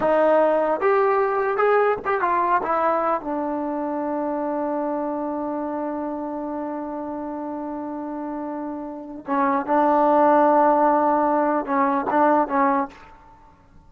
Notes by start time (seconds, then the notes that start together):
0.00 D#4
0.80 G4
1.57 G#4
2.05 G4
2.21 F4
2.62 E4
3.21 D4
9.26 C#4
9.66 D4
11.65 C#4
12.10 D4
12.48 C#4